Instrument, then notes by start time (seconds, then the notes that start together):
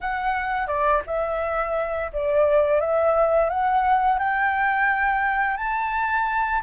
flute
0.00 F#5
0.67 D5
1.06 E5
2.12 D5
2.80 E5
3.49 F#5
4.19 G5
5.57 A5